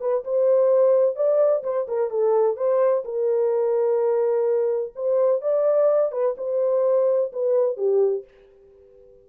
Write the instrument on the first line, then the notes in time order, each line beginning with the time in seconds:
horn
0.00 B4
0.24 C5
1.16 D5
1.63 C5
1.87 A#4
2.10 A4
2.56 C5
3.04 A#4
4.95 C5
5.41 D5
6.11 B4
6.37 C5
7.32 B4
7.77 G4